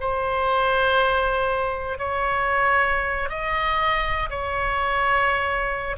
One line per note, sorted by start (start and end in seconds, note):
0.00 1.98 C5
1.98 3.29 C#5
3.29 4.29 D#5
4.29 5.96 C#5